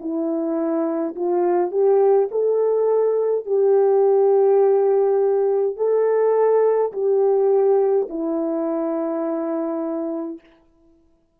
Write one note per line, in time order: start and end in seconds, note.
0.00 1.15 E4
1.15 1.71 F4
1.71 2.29 G4
2.31 3.45 A4
3.45 5.76 G4
5.76 6.92 A4
6.92 8.08 G4
8.09 10.40 E4